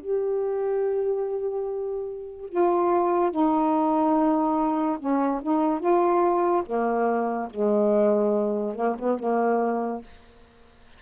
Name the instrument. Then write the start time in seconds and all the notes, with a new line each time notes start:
saxophone
0.00 G4
2.49 F4
3.31 D#4
4.99 C#4
5.42 D#4
5.79 F4
6.66 A#3
7.50 G#3
8.75 A#3
8.98 B3
9.18 A#3